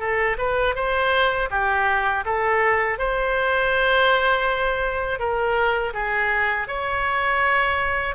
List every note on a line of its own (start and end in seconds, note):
0.00 0.37 A4
0.39 0.76 B4
0.76 1.50 C5
1.51 2.25 G4
2.26 2.99 A4
2.99 5.20 C5
5.20 5.94 A#4
5.94 6.68 G#4
6.68 8.15 C#5